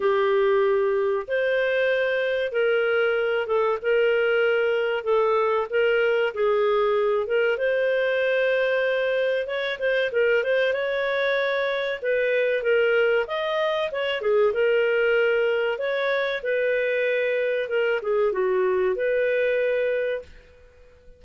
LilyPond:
\new Staff \with { instrumentName = "clarinet" } { \time 4/4 \tempo 4 = 95 g'2 c''2 | ais'4. a'8 ais'2 | a'4 ais'4 gis'4. ais'8 | c''2. cis''8 c''8 |
ais'8 c''8 cis''2 b'4 | ais'4 dis''4 cis''8 gis'8 ais'4~ | ais'4 cis''4 b'2 | ais'8 gis'8 fis'4 b'2 | }